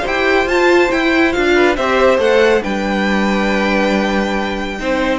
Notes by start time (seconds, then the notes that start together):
0.00 E4 G4 C5
0.06 G5
0.45 F4 A5
0.90 E4 G5
1.32 D4 F4 F5
1.54 B4
1.76 C4 G4 C5 E5
2.18 A3 A4 F#5
2.62 G3 D4 B4 G5
4.78 C4 D#4 C5